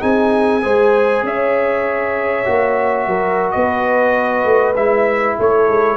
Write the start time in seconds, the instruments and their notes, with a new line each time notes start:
0.00 tuba C4, trombone D#4, horn G#4, trumpet G#5
0.62 tuba G#3, trombone G#4, horn C5
1.23 tuba C#4, horn C#5, trumpet E5
2.45 tuba A#3, trombone F#4
3.07 tuba F#3, horn A#4
3.51 tuba B3, horn B4, trumpet D#5
4.45 tuba A3
4.75 tuba G#3, trombone E4, trumpet E5
5.39 tuba A3, horn A4, trumpet C#5
5.68 tuba G#3